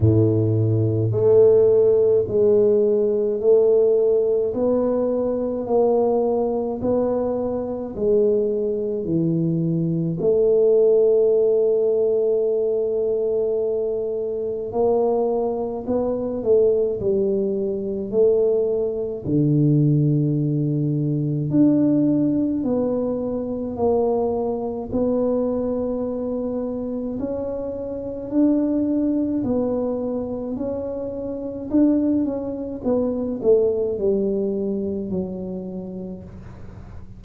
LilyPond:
\new Staff \with { instrumentName = "tuba" } { \time 4/4 \tempo 4 = 53 a,4 a4 gis4 a4 | b4 ais4 b4 gis4 | e4 a2.~ | a4 ais4 b8 a8 g4 |
a4 d2 d'4 | b4 ais4 b2 | cis'4 d'4 b4 cis'4 | d'8 cis'8 b8 a8 g4 fis4 | }